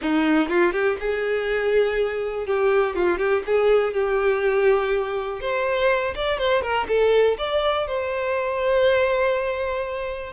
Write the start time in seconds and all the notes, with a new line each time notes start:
0.01 D#4
0.49 F4
0.72 G4
1.00 G#4
2.46 G4
2.95 F4
3.18 G4
3.46 G#4
3.93 G4
5.40 C5
6.15 D5
6.38 C5
6.62 A#4
6.87 A4
7.38 D5
7.87 C5